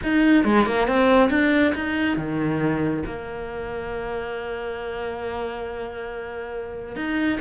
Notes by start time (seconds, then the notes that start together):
0.03 D#4
0.44 G#3
0.66 A#3
0.87 C4
1.29 D4
1.75 D#4
2.16 D#3
3.06 A#3
6.95 D#4